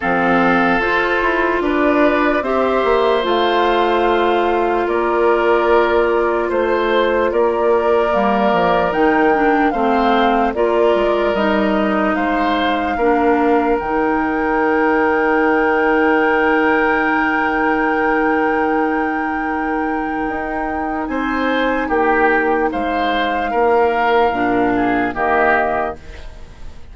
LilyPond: <<
  \new Staff \with { instrumentName = "flute" } { \time 4/4 \tempo 4 = 74 f''4 c''4 d''4 e''4 | f''2 d''2 | c''4 d''2 g''4 | f''4 d''4 dis''4 f''4~ |
f''4 g''2.~ | g''1~ | g''2 gis''4 g''4 | f''2. dis''4 | }
  \new Staff \with { instrumentName = "oboe" } { \time 4/4 a'2 b'4 c''4~ | c''2 ais'2 | c''4 ais'2. | c''4 ais'2 c''4 |
ais'1~ | ais'1~ | ais'2 c''4 g'4 | c''4 ais'4. gis'8 g'4 | }
  \new Staff \with { instrumentName = "clarinet" } { \time 4/4 c'4 f'2 g'4 | f'1~ | f'2 ais4 dis'8 d'8 | c'4 f'4 dis'2 |
d'4 dis'2.~ | dis'1~ | dis'1~ | dis'2 d'4 ais4 | }
  \new Staff \with { instrumentName = "bassoon" } { \time 4/4 f4 f'8 e'8 d'4 c'8 ais8 | a2 ais2 | a4 ais4 g8 f8 dis4 | a4 ais8 gis8 g4 gis4 |
ais4 dis2.~ | dis1~ | dis4 dis'4 c'4 ais4 | gis4 ais4 ais,4 dis4 | }
>>